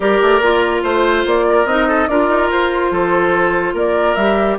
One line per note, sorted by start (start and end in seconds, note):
0.00 0.20 G3
0.00 0.41 G4
0.00 0.82 A#4
0.00 0.83 D5
0.21 0.40 A3
0.40 0.81 A#3
0.40 1.67 F4
0.82 1.25 A3
0.82 1.45 C5
0.82 1.26 C5
1.25 1.65 A#3
1.25 1.66 D5
1.49 1.88 A#4
1.65 2.06 C4
1.65 2.09 D#4
1.65 2.07 D#5
1.88 2.08 A4
2.07 2.28 D4
2.07 4.18 F4
2.07 2.92 A#4
2.07 2.49 D5
2.28 2.49 D#4
2.49 2.91 F4
2.49 3.76 C5
2.91 3.73 F3
2.91 3.74 A4
3.73 4.15 A#3
3.73 4.57 A#4
3.73 4.15 D5
4.15 4.57 G3
4.15 4.58 G4
4.15 4.57 E5